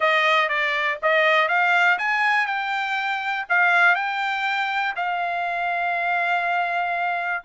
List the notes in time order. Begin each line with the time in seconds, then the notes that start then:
0.00 D#5
0.48 D5
1.02 D#5
1.48 F5
1.98 G#5
2.46 G5
3.49 F5
3.95 G5
4.95 F5